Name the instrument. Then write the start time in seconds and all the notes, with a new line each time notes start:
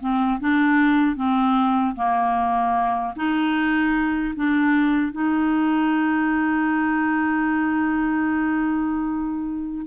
clarinet
0.00 C4
0.40 D4
1.16 C4
1.95 A#3
3.16 D#4
4.35 D4
5.12 D#4